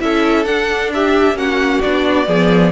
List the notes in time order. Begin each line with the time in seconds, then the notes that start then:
0.00 C#4 E4 A4 E5
0.46 D4 F#5
0.94 G4 E5
1.34 A#3 C#4 F#4 F#5
1.82 B3 D4 D5
2.26 F3 B3 G#4